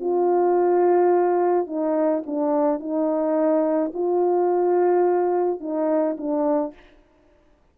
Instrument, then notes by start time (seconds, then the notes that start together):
horn
0.00 F4
1.67 D#4
2.26 D4
2.80 D#4
3.94 F4
5.60 D#4
6.17 D4